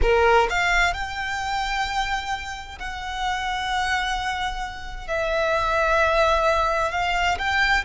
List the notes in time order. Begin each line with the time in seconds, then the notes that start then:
0.02 A#4
0.49 F5
0.93 G5
2.78 F#5
5.07 E5
6.91 F5
7.38 G5